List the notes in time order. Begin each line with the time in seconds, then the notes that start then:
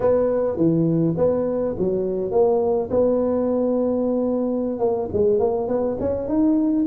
0.00 B3
0.56 E3
1.17 B3
1.78 F#3
2.31 A#3
2.90 B3
4.79 A#3
5.12 G#3
5.39 A#3
5.68 B3
6.00 C#4
6.28 D#4